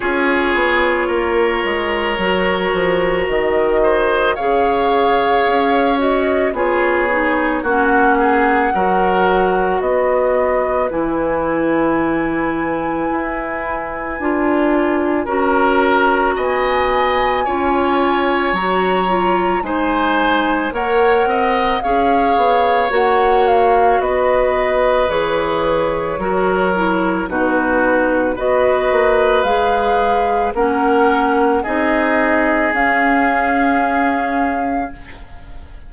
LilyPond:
<<
  \new Staff \with { instrumentName = "flute" } { \time 4/4 \tempo 4 = 55 cis''2. dis''4 | f''4. dis''8 cis''4 fis''4~ | fis''4 dis''4 gis''2~ | gis''2 ais''4 gis''4~ |
gis''4 ais''4 gis''4 fis''4 | f''4 fis''8 f''8 dis''4 cis''4~ | cis''4 b'4 dis''4 f''4 | fis''4 dis''4 f''2 | }
  \new Staff \with { instrumentName = "oboe" } { \time 4/4 gis'4 ais'2~ ais'8 c''8 | cis''2 gis'4 fis'8 gis'8 | ais'4 b'2.~ | b'2 ais'4 dis''4 |
cis''2 c''4 cis''8 dis''8 | cis''2 b'2 | ais'4 fis'4 b'2 | ais'4 gis'2. | }
  \new Staff \with { instrumentName = "clarinet" } { \time 4/4 f'2 fis'2 | gis'4. fis'8 f'8 dis'8 cis'4 | fis'2 e'2~ | e'4 f'4 fis'2 |
f'4 fis'8 f'8 dis'4 ais'4 | gis'4 fis'2 gis'4 | fis'8 e'8 dis'4 fis'4 gis'4 | cis'4 dis'4 cis'2 | }
  \new Staff \with { instrumentName = "bassoon" } { \time 4/4 cis'8 b8 ais8 gis8 fis8 f8 dis4 | cis4 cis'4 b4 ais4 | fis4 b4 e2 | e'4 d'4 cis'4 b4 |
cis'4 fis4 gis4 ais8 c'8 | cis'8 b8 ais4 b4 e4 | fis4 b,4 b8 ais8 gis4 | ais4 c'4 cis'2 | }
>>